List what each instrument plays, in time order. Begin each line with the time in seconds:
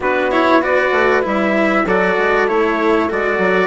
0.00 bassoon B3, cello D4, saxophone F#4, trumpet B4
0.31 cello E4, trumpet C#5
0.61 cello F#4, saxophone B4, trumpet D5
0.92 bassoon A3
1.22 bassoon G3, cello E4, trumpet E5
1.84 bassoon F#3, cello F#4, saxophone A4, trumpet D5
2.18 bassoon G#3
2.47 bassoon A3, cello E4, trumpet C#5
3.09 bassoon G#3, cello F#4, trumpet D5
3.38 bassoon F#3